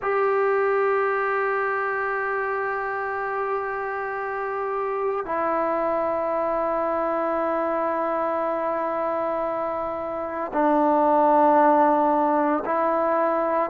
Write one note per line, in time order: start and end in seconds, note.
0.01 5.25 G4
5.25 10.51 E4
10.53 12.63 D4
12.65 13.70 E4